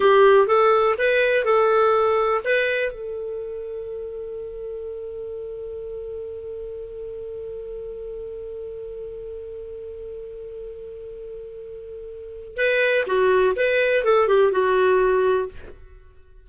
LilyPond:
\new Staff \with { instrumentName = "clarinet" } { \time 4/4 \tempo 4 = 124 g'4 a'4 b'4 a'4~ | a'4 b'4 a'2~ | a'1~ | a'1~ |
a'1~ | a'1~ | a'2 b'4 fis'4 | b'4 a'8 g'8 fis'2 | }